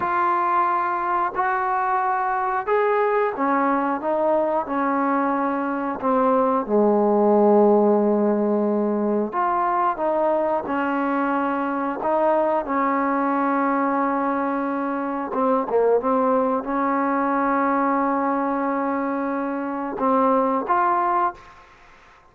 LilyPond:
\new Staff \with { instrumentName = "trombone" } { \time 4/4 \tempo 4 = 90 f'2 fis'2 | gis'4 cis'4 dis'4 cis'4~ | cis'4 c'4 gis2~ | gis2 f'4 dis'4 |
cis'2 dis'4 cis'4~ | cis'2. c'8 ais8 | c'4 cis'2.~ | cis'2 c'4 f'4 | }